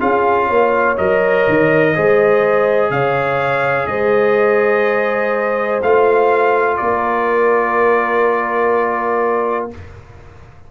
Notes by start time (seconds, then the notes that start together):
0.00 C#4 F4 G#4 F5
0.47 A#3 C#5
0.97 F#3 A#4 D#5
1.48 D#3
1.95 G#3 G#4 C5
2.90 C#3 C#5 F5
3.87 G#3 C5 D#5
5.82 A3 F4 F5
6.77 A#3 A#4 D5